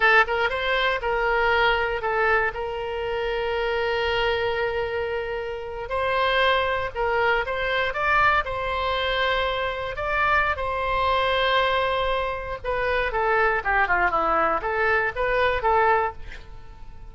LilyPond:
\new Staff \with { instrumentName = "oboe" } { \time 4/4 \tempo 4 = 119 a'8 ais'8 c''4 ais'2 | a'4 ais'2.~ | ais'2.~ ais'8. c''16~ | c''4.~ c''16 ais'4 c''4 d''16~ |
d''8. c''2. d''16~ | d''4 c''2.~ | c''4 b'4 a'4 g'8 f'8 | e'4 a'4 b'4 a'4 | }